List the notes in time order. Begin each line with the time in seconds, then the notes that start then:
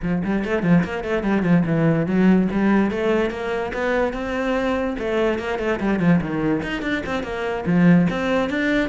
0.02 F3
0.24 G3
0.44 A3
0.63 F3
0.84 A#3
1.04 A3
1.23 G3
1.42 F3
1.66 E3
2.06 F#3
2.51 G3
2.91 A3
3.30 A#3
3.73 B3
4.13 C4
4.99 A3
5.38 A#3
5.59 A3
5.79 G3
5.99 F3
6.21 D#3
6.62 D#4
6.82 D4
7.06 C4
7.23 A#3
7.66 F3
8.10 C4
8.49 D4